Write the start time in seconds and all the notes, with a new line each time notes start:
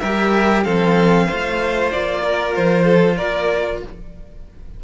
0.00 G3 G4 A#4 E5
0.64 F3 C4 A4 F5
1.26 A3 F4 C5
1.92 A#3 D5
2.24 A#4
2.55 F3 C5
2.84 A4
3.16 A#3 A#4 D5